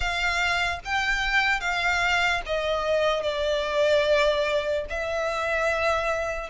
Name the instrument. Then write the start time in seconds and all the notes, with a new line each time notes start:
violin
0.00 F5
0.84 G5
1.60 F5
2.45 D#5
3.22 D5
4.89 E5